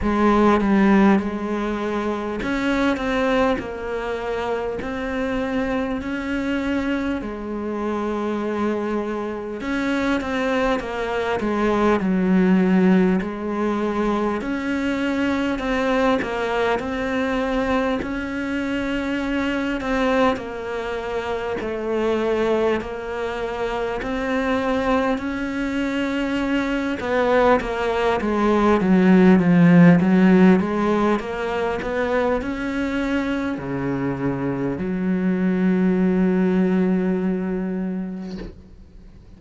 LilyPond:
\new Staff \with { instrumentName = "cello" } { \time 4/4 \tempo 4 = 50 gis8 g8 gis4 cis'8 c'8 ais4 | c'4 cis'4 gis2 | cis'8 c'8 ais8 gis8 fis4 gis4 | cis'4 c'8 ais8 c'4 cis'4~ |
cis'8 c'8 ais4 a4 ais4 | c'4 cis'4. b8 ais8 gis8 | fis8 f8 fis8 gis8 ais8 b8 cis'4 | cis4 fis2. | }